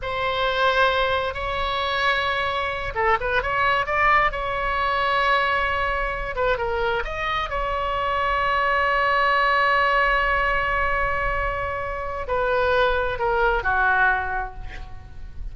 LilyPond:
\new Staff \with { instrumentName = "oboe" } { \time 4/4 \tempo 4 = 132 c''2. cis''4~ | cis''2~ cis''8 a'8 b'8 cis''8~ | cis''8 d''4 cis''2~ cis''8~ | cis''2 b'8 ais'4 dis''8~ |
dis''8 cis''2.~ cis''8~ | cis''1~ | cis''2. b'4~ | b'4 ais'4 fis'2 | }